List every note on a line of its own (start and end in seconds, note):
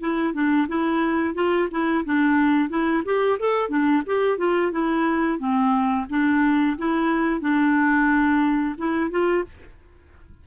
0.00 0.34 E4
0.34 0.67 D4
0.68 1.35 E4
1.35 1.69 F4
1.71 2.05 E4
2.05 2.69 D4
2.69 3.03 E4
3.05 3.39 G4
3.39 3.69 A4
3.69 4.03 D4
4.06 4.38 G4
4.38 4.72 F4
4.72 5.39 E4
5.39 6.06 C4
6.09 6.77 D4
6.78 7.41 E4
7.41 8.75 D4
8.78 9.10 E4
9.10 9.44 F4